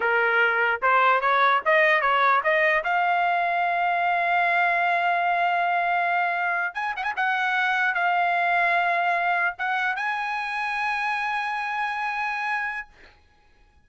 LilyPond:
\new Staff \with { instrumentName = "trumpet" } { \time 4/4 \tempo 4 = 149 ais'2 c''4 cis''4 | dis''4 cis''4 dis''4 f''4~ | f''1~ | f''1~ |
f''8. gis''8 fis''16 gis''16 fis''2 f''16~ | f''2.~ f''8. fis''16~ | fis''8. gis''2.~ gis''16~ | gis''1 | }